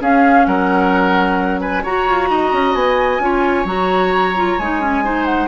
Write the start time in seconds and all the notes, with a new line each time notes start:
0.00 C#4 G#4 F5
0.45 F#3 A#4 F#5
1.60 B4 G#5
1.83 F#4 C#5 A#5
2.07 F4
2.30 D#4 D#5
2.52 C#4
2.74 B3 G#5
3.19 C#4 F4 C#5
3.64 F#3 F#4 A#5
4.36 F4
4.58 G#3 D#4 G#5
4.81 C#4
5.04 D#4 C5
5.25 F#5